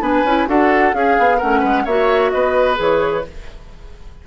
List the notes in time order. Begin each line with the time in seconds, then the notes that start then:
0.00 B3 D4 B4 G#5
0.24 C#4 E4
0.47 D4 F#4 A4 F#5
0.92 C#4 G#4 F5
1.18 B3
1.37 A3 C#4 A#4 F#5
1.59 G#3 B4
1.85 A#3 F#4 C#5 E5
2.30 B3 B4 D#5
2.75 E3 G#4 C#5